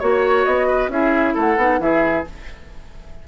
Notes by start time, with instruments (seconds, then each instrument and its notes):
0.00 bassoon A#3, clarinet F#4, oboe C#5, flute C#5
0.45 bassoon B3, flute D#5
0.67 oboe B4
0.89 bassoon C#4, clarinet E4, oboe G#4, flute E5
1.34 bassoon A3, oboe A4, flute F#5
1.57 bassoon B3, clarinet D#4
1.80 bassoon E3, clarinet E4, oboe G#4, flute E5